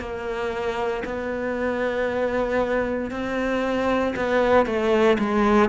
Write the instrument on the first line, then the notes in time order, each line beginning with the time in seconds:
cello
0.00 A#3
1.05 B3
3.11 C4
4.16 B3
4.66 A3
5.19 G#3